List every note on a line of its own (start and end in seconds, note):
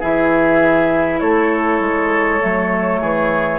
0.00 1.22 E3
0.00 2.41 E4
0.00 1.20 G#4
0.00 1.20 E5
1.20 1.81 A3
1.20 3.01 A4
1.20 3.59 C#5
1.81 2.41 G#3
2.41 3.02 F#3
2.41 3.59 A3
3.01 3.59 E3
3.01 3.59 G#4